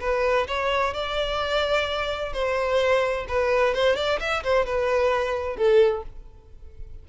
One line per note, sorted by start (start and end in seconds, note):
0.00 0.47 B4
0.47 0.93 C#5
0.93 2.33 D5
2.33 3.26 C5
3.28 3.74 B4
3.74 3.96 C5
3.96 4.19 D5
4.19 4.43 E5
4.43 4.65 C5
4.65 5.56 B4
5.56 6.03 A4